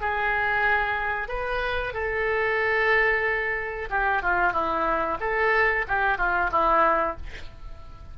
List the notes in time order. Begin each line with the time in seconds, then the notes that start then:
0.00 G#4
1.28 B4
1.93 A4
3.89 G4
4.22 F4
4.52 E4
5.20 A4
5.87 G4
6.17 F4
6.51 E4